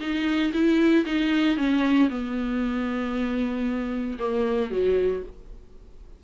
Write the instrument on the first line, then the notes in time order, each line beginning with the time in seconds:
viola
0.00 D#4
0.53 E4
1.06 D#4
1.57 C#4
2.09 B3
4.19 A#3
4.71 F#3